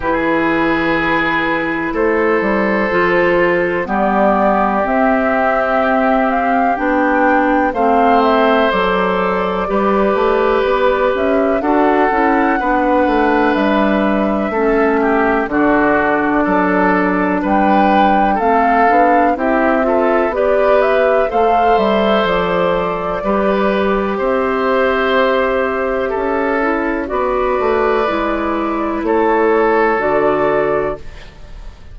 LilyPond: <<
  \new Staff \with { instrumentName = "flute" } { \time 4/4 \tempo 4 = 62 b'2 c''2 | d''4 e''4. f''8 g''4 | f''8 e''8 d''2~ d''8 e''8 | fis''2 e''2 |
d''2 g''4 f''4 | e''4 d''8 e''8 f''8 e''8 d''4~ | d''4 e''2. | d''2 cis''4 d''4 | }
  \new Staff \with { instrumentName = "oboe" } { \time 4/4 gis'2 a'2 | g'1 | c''2 b'2 | a'4 b'2 a'8 g'8 |
fis'4 a'4 b'4 a'4 | g'8 a'8 b'4 c''2 | b'4 c''2 a'4 | b'2 a'2 | }
  \new Staff \with { instrumentName = "clarinet" } { \time 4/4 e'2. f'4 | b4 c'2 d'4 | c'4 a'4 g'2 | fis'8 e'8 d'2 cis'4 |
d'2. c'8 d'8 | e'8 f'8 g'4 a'2 | g'2.~ g'8 e'8 | fis'4 e'2 fis'4 | }
  \new Staff \with { instrumentName = "bassoon" } { \time 4/4 e2 a8 g8 f4 | g4 c'2 b4 | a4 fis4 g8 a8 b8 cis'8 | d'8 cis'8 b8 a8 g4 a4 |
d4 fis4 g4 a8 b8 | c'4 b4 a8 g8 f4 | g4 c'2 cis'4 | b8 a8 gis4 a4 d4 | }
>>